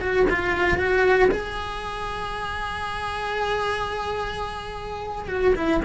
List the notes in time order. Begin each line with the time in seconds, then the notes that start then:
0.00 F#4
0.30 F4
0.77 F#4
1.30 G#4
5.28 F#4
5.55 E4